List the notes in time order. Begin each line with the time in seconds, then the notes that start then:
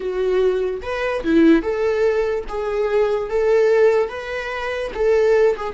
0.00 F#4
0.82 B4
1.23 E4
1.62 A4
2.48 G#4
3.29 A4
4.09 B4
4.94 A4
5.56 G#4